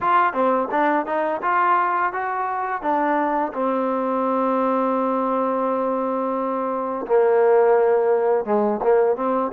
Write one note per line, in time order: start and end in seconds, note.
0.00 0.33 F4
0.33 0.68 C4
0.71 1.06 D4
1.06 1.41 D#4
1.41 2.12 F4
2.12 2.81 F#4
2.81 3.52 D4
3.53 7.06 C4
7.06 8.44 A#3
8.44 8.80 G#3
8.82 9.16 A#3
9.16 9.51 C4